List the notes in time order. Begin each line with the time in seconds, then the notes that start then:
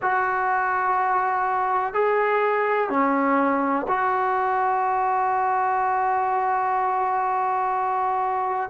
0.01 F#4
1.94 G#4
2.89 C#4
3.88 F#4